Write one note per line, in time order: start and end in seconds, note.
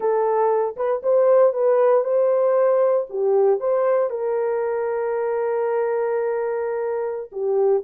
0.00 0.75 A4
0.76 1.02 B4
1.02 1.53 C5
1.53 2.03 B4
2.03 3.06 C5
3.09 3.60 G4
3.60 4.10 C5
4.10 7.30 A#4
7.31 7.83 G4